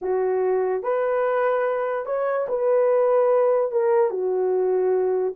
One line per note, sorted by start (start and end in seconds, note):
0.01 0.83 F#4
0.83 2.05 B4
2.05 2.47 C#5
2.48 3.71 B4
3.71 4.10 A#4
4.10 5.33 F#4